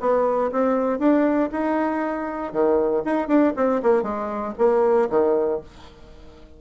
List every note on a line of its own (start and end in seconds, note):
0.00 0.51 B3
0.51 0.99 C4
0.99 1.50 D4
1.52 2.52 D#4
2.52 3.03 D#3
3.04 3.27 D#4
3.27 3.53 D4
3.56 3.81 C4
3.82 4.02 A#3
4.02 4.53 G#3
4.58 5.09 A#3
5.09 5.60 D#3